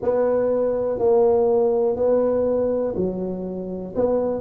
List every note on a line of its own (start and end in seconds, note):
0.01 0.98 B3
0.98 1.95 A#3
1.95 2.94 B3
2.96 3.94 F#3
3.95 4.41 B3